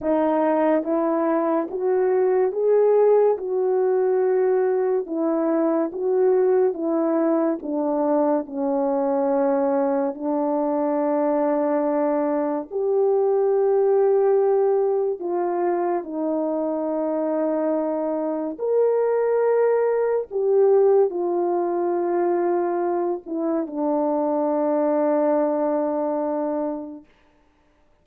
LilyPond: \new Staff \with { instrumentName = "horn" } { \time 4/4 \tempo 4 = 71 dis'4 e'4 fis'4 gis'4 | fis'2 e'4 fis'4 | e'4 d'4 cis'2 | d'2. g'4~ |
g'2 f'4 dis'4~ | dis'2 ais'2 | g'4 f'2~ f'8 e'8 | d'1 | }